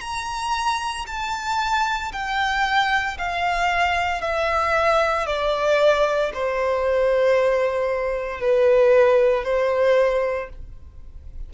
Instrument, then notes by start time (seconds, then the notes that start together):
violin
0.00 A#5
1.07 A5
2.12 G5
3.18 F5
4.21 E5
5.26 D5
6.33 C5
8.40 B4
9.44 C5